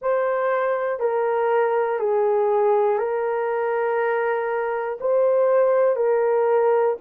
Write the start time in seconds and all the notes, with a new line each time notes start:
0.01 C5
0.99 A#4
1.99 G#4
2.98 A#4
5.00 C5
5.95 A#4